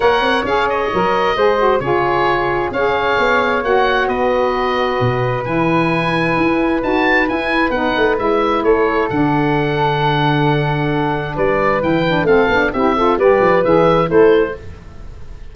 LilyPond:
<<
  \new Staff \with { instrumentName = "oboe" } { \time 4/4 \tempo 4 = 132 fis''4 f''8 dis''2~ dis''8 | cis''2 f''2 | fis''4 dis''2. | gis''2. a''4 |
gis''4 fis''4 e''4 cis''4 | fis''1~ | fis''4 d''4 g''4 f''4 | e''4 d''4 e''4 c''4 | }
  \new Staff \with { instrumentName = "flute" } { \time 4/4 cis''2. c''4 | gis'2 cis''2~ | cis''4 b'2.~ | b'1~ |
b'2. a'4~ | a'1~ | a'4 b'2 a'4 | g'8 a'8 b'2 a'4 | }
  \new Staff \with { instrumentName = "saxophone" } { \time 4/4 ais'4 gis'4 ais'4 gis'8 fis'8 | f'2 gis'2 | fis'1 | e'2. fis'4 |
e'4 dis'4 e'2 | d'1~ | d'2 e'8 d'8 c'8 d'8 | e'8 f'8 g'4 gis'4 e'4 | }
  \new Staff \with { instrumentName = "tuba" } { \time 4/4 ais8 c'8 cis'4 fis4 gis4 | cis2 cis'4 b4 | ais4 b2 b,4 | e2 e'4 dis'4 |
e'4 b8 a8 gis4 a4 | d1~ | d4 g4 e4 a8 b8 | c'4 g8 f8 e4 a4 | }
>>